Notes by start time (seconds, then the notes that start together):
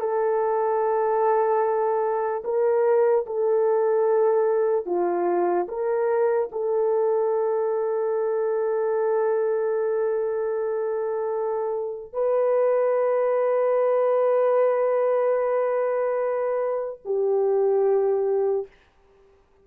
0.00 A4
2.45 A#4
3.27 A4
4.86 F4
5.69 A#4
6.52 A4
12.14 B4
17.05 G4